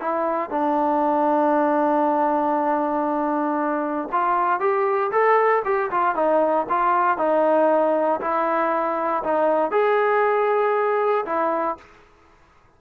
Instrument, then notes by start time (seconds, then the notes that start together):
trombone
0.00 E4
0.50 D4
4.12 F4
4.60 G4
5.11 A4
5.65 G4
5.91 F4
6.15 D#4
6.69 F4
7.18 D#4
8.21 E4
9.24 D#4
9.71 G#4
11.26 E4